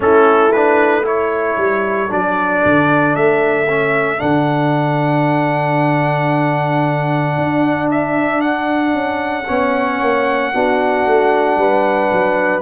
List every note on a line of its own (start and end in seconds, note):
0.00 1.56 A3
0.00 0.52 C#4
0.00 1.05 E4
0.00 0.52 A4
0.52 1.03 D4
0.52 1.04 B4
1.03 2.08 E4
1.03 9.45 A4
1.03 2.12 C#5
1.57 2.09 G3
2.08 2.63 F#3
2.08 3.66 D4
2.08 3.15 D5
2.65 3.15 D3
3.15 4.20 A3
3.15 4.20 E5
3.68 4.17 C#4
4.17 7.37 D3
4.17 9.43 D4
4.17 7.88 F#5
7.37 8.93 D4
7.90 8.40 E5
8.40 12.61 F#5
8.93 9.46 C#4
9.45 10.00 B3
9.45 10.53 C#4
9.45 10.51 C#5
10.00 10.53 A#3
10.53 11.06 B3
10.53 12.61 D4
10.53 11.59 F#4
11.06 11.56 A3
11.56 12.09 G3
11.56 12.61 B4
12.12 12.61 F#3